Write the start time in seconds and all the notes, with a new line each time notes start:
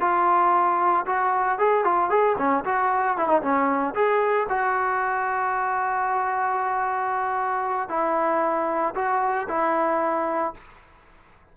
0.00 F4
1.06 F#4
1.58 G#4
1.84 F4
2.10 G#4
2.38 C#4
2.65 F#4
3.17 E4
3.28 D#4
3.41 C#4
3.94 G#4
4.49 F#4
7.89 E4
8.94 F#4
9.48 E4